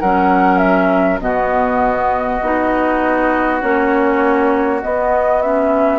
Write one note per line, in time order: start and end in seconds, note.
0.00 1.20 F#3
0.00 1.20 C#4
0.00 1.20 A#4
0.00 0.58 F#5
0.58 1.19 E5
1.20 2.40 B2
1.20 2.40 B3
1.20 5.99 F#4
1.20 3.61 D#5
2.42 3.62 B3
2.42 3.61 D#4
3.61 4.83 A#3
3.61 4.81 C#4
3.61 4.81 C#5
4.82 5.42 B3
4.82 5.99 B3
4.82 5.42 D#5
5.42 5.99 C#4
5.42 5.99 E5